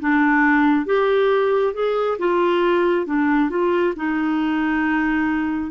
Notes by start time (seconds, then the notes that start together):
0.00 D4
0.85 G4
1.74 G#4
2.18 F4
3.06 D4
3.50 F4
3.96 D#4